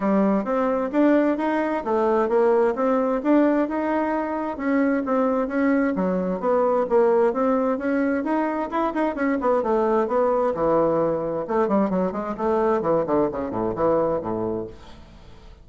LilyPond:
\new Staff \with { instrumentName = "bassoon" } { \time 4/4 \tempo 4 = 131 g4 c'4 d'4 dis'4 | a4 ais4 c'4 d'4 | dis'2 cis'4 c'4 | cis'4 fis4 b4 ais4 |
c'4 cis'4 dis'4 e'8 dis'8 | cis'8 b8 a4 b4 e4~ | e4 a8 g8 fis8 gis8 a4 | e8 d8 cis8 a,8 e4 a,4 | }